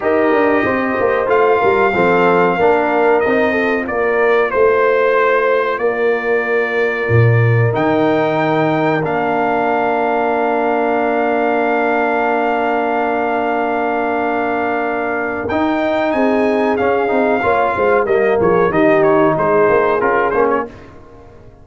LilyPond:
<<
  \new Staff \with { instrumentName = "trumpet" } { \time 4/4 \tempo 4 = 93 dis''2 f''2~ | f''4 dis''4 d''4 c''4~ | c''4 d''2. | g''2 f''2~ |
f''1~ | f''1 | g''4 gis''4 f''2 | dis''8 cis''8 dis''8 cis''8 c''4 ais'8 c''16 cis''16 | }
  \new Staff \with { instrumentName = "horn" } { \time 4/4 ais'4 c''4. ais'8 a'4 | ais'4. a'8 ais'4 c''4~ | c''4 ais'2.~ | ais'1~ |
ais'1~ | ais'1~ | ais'4 gis'2 cis''8 c''8 | ais'8 gis'8 g'4 gis'2 | }
  \new Staff \with { instrumentName = "trombone" } { \time 4/4 g'2 f'4 c'4 | d'4 dis'8 f'2~ f'8~ | f'1 | dis'2 d'2~ |
d'1~ | d'1 | dis'2 cis'8 dis'8 f'4 | ais4 dis'2 f'8 cis'8 | }
  \new Staff \with { instrumentName = "tuba" } { \time 4/4 dis'8 d'8 c'8 ais8 a8 g8 f4 | ais4 c'4 ais4 a4~ | a4 ais2 ais,4 | dis2 ais2~ |
ais1~ | ais1 | dis'4 c'4 cis'8 c'8 ais8 gis8 | g8 f8 dis4 gis8 ais8 cis'8 ais8 | }
>>